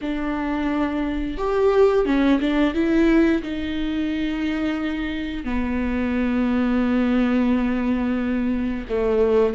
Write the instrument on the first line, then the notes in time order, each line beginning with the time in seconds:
viola
0.01 D4
1.37 G4
2.05 C#4
2.40 D4
2.74 E4
3.42 D#4
5.44 B3
8.89 A3